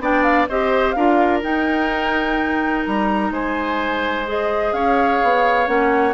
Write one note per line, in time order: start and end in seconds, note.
0.00 0.47 B3
0.00 0.48 D4
0.00 0.49 D5
0.00 0.23 G5
0.23 0.47 F5
0.49 0.96 C4
0.49 0.97 G4
0.49 0.96 C5
0.49 0.92 D#5
0.92 1.43 D4
0.92 1.42 F4
0.92 3.32 A#4
0.92 1.39 F5
1.42 4.25 D#4
1.42 2.85 D#4
1.42 2.85 G5
2.85 3.31 G3
2.85 3.32 A#5
3.31 4.73 G#3
3.31 4.74 C5
3.31 4.28 G#5
4.27 5.66 G#4
4.27 4.73 D#5
4.73 5.20 C#4
4.73 6.14 C#5
4.73 5.68 F5
5.23 5.68 B3
5.66 6.14 A#3
5.66 6.14 C#4
5.66 6.14 F#5